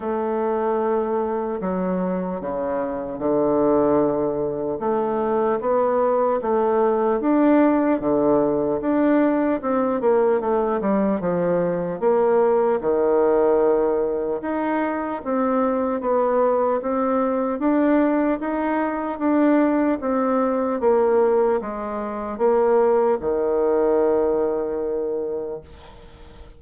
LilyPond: \new Staff \with { instrumentName = "bassoon" } { \time 4/4 \tempo 4 = 75 a2 fis4 cis4 | d2 a4 b4 | a4 d'4 d4 d'4 | c'8 ais8 a8 g8 f4 ais4 |
dis2 dis'4 c'4 | b4 c'4 d'4 dis'4 | d'4 c'4 ais4 gis4 | ais4 dis2. | }